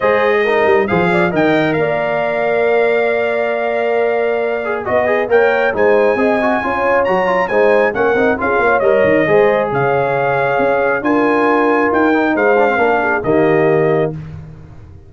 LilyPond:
<<
  \new Staff \with { instrumentName = "trumpet" } { \time 4/4 \tempo 4 = 136 dis''2 f''4 g''4 | f''1~ | f''2. dis''4 | g''4 gis''2. |
ais''4 gis''4 fis''4 f''4 | dis''2 f''2~ | f''4 gis''2 g''4 | f''2 dis''2 | }
  \new Staff \with { instrumentName = "horn" } { \time 4/4 c''4 ais'4 c''8 d''8 dis''4 | d''1~ | d''2. dis''4 | cis''4 c''4 dis''4 cis''4~ |
cis''4 c''4 ais'4 gis'8 cis''8~ | cis''4 c''4 cis''2~ | cis''4 ais'2. | c''4 ais'8 gis'8 g'2 | }
  \new Staff \with { instrumentName = "trombone" } { \time 4/4 gis'4 dis'4 gis'4 ais'4~ | ais'1~ | ais'2~ ais'8 gis'8 fis'8 gis'8 | ais'4 dis'4 gis'8 fis'8 f'4 |
fis'8 f'8 dis'4 cis'8 dis'8 f'4 | ais'4 gis'2.~ | gis'4 f'2~ f'8 dis'8~ | dis'8 d'16 c'16 d'4 ais2 | }
  \new Staff \with { instrumentName = "tuba" } { \time 4/4 gis4. g8 f4 dis4 | ais1~ | ais2. b4 | ais4 gis4 c'4 cis'4 |
fis4 gis4 ais8 c'8 cis'8 ais8 | g8 dis8 gis4 cis2 | cis'4 d'2 dis'4 | gis4 ais4 dis2 | }
>>